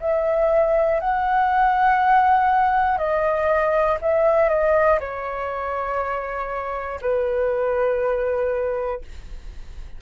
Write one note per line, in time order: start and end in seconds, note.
0.00 1.00 E5
1.00 2.98 F#5
2.98 3.98 D#5
4.01 4.49 E5
4.49 4.99 D#5
5.00 7.00 C#5
7.01 9.01 B4